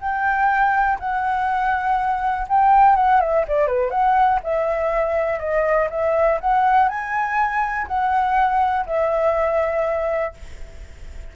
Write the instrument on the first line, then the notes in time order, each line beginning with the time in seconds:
flute
0.00 G5
0.99 F#5
2.48 G5
2.96 F#5
3.20 E5
3.47 D5
3.66 B4
3.90 F#5
4.43 E5
5.39 D#5
5.90 E5
6.40 F#5
6.88 G#5
7.87 F#5
8.86 E5